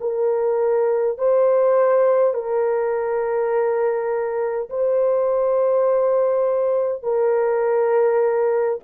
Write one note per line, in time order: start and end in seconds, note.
0.00 1.18 A#4
1.18 2.34 C5
2.34 4.69 A#4
4.70 7.03 C5
7.03 8.79 A#4